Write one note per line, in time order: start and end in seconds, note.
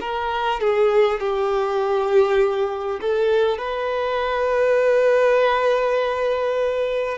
0.00 0.60 A#4
0.60 1.19 G#4
1.19 2.99 G4
3.00 3.57 A4
3.57 7.17 B4